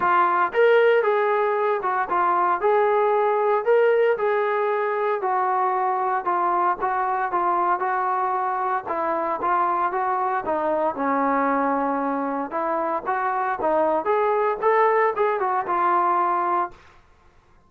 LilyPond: \new Staff \with { instrumentName = "trombone" } { \time 4/4 \tempo 4 = 115 f'4 ais'4 gis'4. fis'8 | f'4 gis'2 ais'4 | gis'2 fis'2 | f'4 fis'4 f'4 fis'4~ |
fis'4 e'4 f'4 fis'4 | dis'4 cis'2. | e'4 fis'4 dis'4 gis'4 | a'4 gis'8 fis'8 f'2 | }